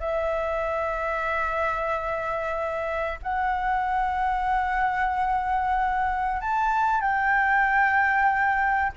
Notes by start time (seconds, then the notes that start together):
0.00 E5
3.23 F#5
6.41 A5
7.01 G5